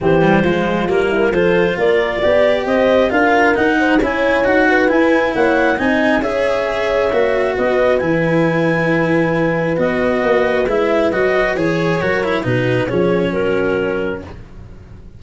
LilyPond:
<<
  \new Staff \with { instrumentName = "clarinet" } { \time 4/4 \tempo 4 = 135 c''2 ais'4 c''4 | d''2 dis''4 f''4 | fis''4 gis''4 fis''4 gis''4 | fis''4 gis''4 e''2~ |
e''4 dis''4 gis''2~ | gis''2 dis''2 | e''4 dis''4 cis''2 | b'4 cis''4 ais'2 | }
  \new Staff \with { instrumentName = "horn" } { \time 4/4 g'4 f'4. e'8 a'4 | ais'4 d''4 c''4 ais'4~ | ais'8 c''8 cis''4. b'4. | cis''4 dis''4 cis''2~ |
cis''4 b'2.~ | b'1~ | b'2. ais'4 | fis'4 gis'4 fis'2 | }
  \new Staff \with { instrumentName = "cello" } { \time 4/4 c'8 g8 gis4 ais4 f'4~ | f'4 g'2 f'4 | dis'4 e'4 fis'4 e'4~ | e'4 dis'4 gis'2 |
fis'2 e'2~ | e'2 fis'2 | e'4 fis'4 gis'4 fis'8 e'8 | dis'4 cis'2. | }
  \new Staff \with { instrumentName = "tuba" } { \time 4/4 e4 f4 g4 f4 | ais4 b4 c'4 d'4 | dis'4 cis'4 dis'4 e'4 | ais4 c'4 cis'2 |
ais4 b4 e2~ | e2 b4 ais4 | gis4 fis4 e4 fis4 | b,4 f4 fis2 | }
>>